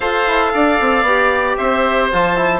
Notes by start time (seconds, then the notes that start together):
0.00 F4 A4 C5 F5
0.27 E4
0.53 D4 D5
0.80 C4
1.02 B3 G4
1.57 C4 C5 E5
2.11 F3 F4 A5
2.36 E4